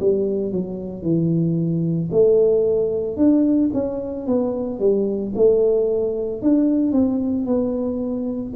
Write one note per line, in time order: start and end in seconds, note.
0.00 0.52 G3
0.52 1.03 F#3
1.03 2.10 E3
2.12 3.17 A3
3.17 3.71 D4
3.74 4.27 C#4
4.27 4.80 B3
4.80 5.33 G3
5.36 6.42 A3
6.42 6.93 D4
6.93 7.46 C4
7.46 8.53 B3